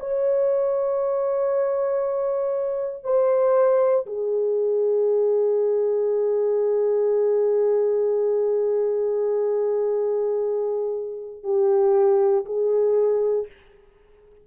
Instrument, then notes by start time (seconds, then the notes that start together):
horn
0.00 C#5
3.04 C5
4.06 G#4
11.43 G4
12.45 G#4